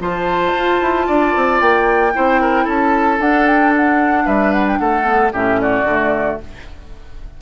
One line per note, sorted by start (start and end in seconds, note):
0.00 0.53 F3
0.00 2.12 F4
0.00 1.07 C5
0.00 1.61 A5
0.53 0.80 F4
0.81 1.08 E4
1.07 1.35 D4
1.07 2.13 D5
1.36 1.61 C4
1.61 2.14 A#3
1.61 2.67 G5
2.13 2.67 C4
2.13 3.19 E4
2.13 2.41 C5
2.41 2.64 A#4
2.64 3.20 C#4
2.64 4.24 A4
2.64 3.21 A5
3.19 5.03 D4
3.19 4.26 D4
3.19 3.46 F#5
3.46 3.73 G5
3.76 4.27 F#5
4.25 4.80 G3
4.25 4.79 B4
4.25 4.53 E5
4.53 4.66 F#5
4.67 4.78 G5
4.78 5.33 A3
4.78 5.33 A4
4.78 5.31 F#5
5.03 5.30 B3
5.33 5.84 A2
5.33 5.87 C#4
5.33 5.59 G4
5.33 5.61 E5
5.61 6.41 F#4
5.61 6.40 D5
5.84 6.37 D3
5.84 6.41 A3